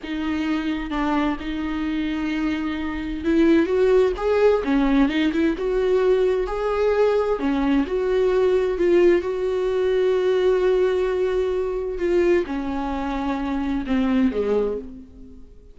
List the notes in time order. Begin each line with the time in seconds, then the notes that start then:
0.03 D#4
0.90 D4
1.40 D#4
3.24 E4
3.66 F#4
4.16 G#4
4.64 C#4
5.09 D#4
5.32 E4
5.57 F#4
6.46 G#4
7.39 C#4
7.87 F#4
8.77 F4
9.21 F#4
11.98 F4
12.46 C#4
13.86 C4
14.32 G#3